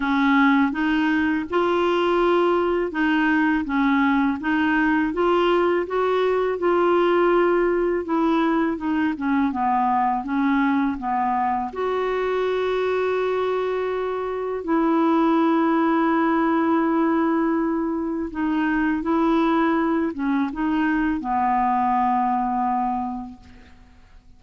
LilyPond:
\new Staff \with { instrumentName = "clarinet" } { \time 4/4 \tempo 4 = 82 cis'4 dis'4 f'2 | dis'4 cis'4 dis'4 f'4 | fis'4 f'2 e'4 | dis'8 cis'8 b4 cis'4 b4 |
fis'1 | e'1~ | e'4 dis'4 e'4. cis'8 | dis'4 b2. | }